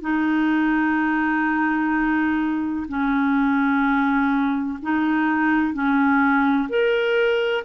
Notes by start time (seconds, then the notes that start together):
0.00 D#4
2.88 C#4
4.82 D#4
5.73 C#4
6.69 A#4